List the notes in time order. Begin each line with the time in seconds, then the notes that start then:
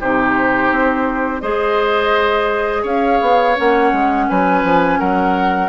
0.00 C3 D#4 G4 C5
0.71 C4
1.41 G#3 G#4 C5 D#5
2.83 C#4 C#5 F5
3.21 B3
3.56 A#3 C#4 F#5
3.92 G#3
4.29 F#3 B4 G#5
4.64 F3
4.99 F#3 A#4 F#5